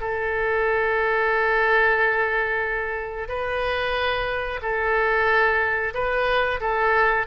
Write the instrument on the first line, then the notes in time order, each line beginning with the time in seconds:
oboe
0.00 A4
3.28 B4
4.62 A4
5.94 B4
6.60 A4